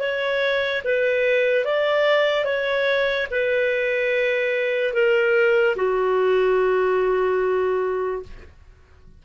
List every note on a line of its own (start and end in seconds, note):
0.00 0.82 C#5
0.84 1.65 B4
1.65 2.45 D5
2.45 3.27 C#5
3.31 4.94 B4
4.94 5.76 A#4
5.76 8.23 F#4